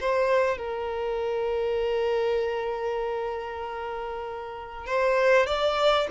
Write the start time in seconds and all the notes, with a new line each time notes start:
0.00 C5
0.58 A#4
4.86 C5
5.46 D5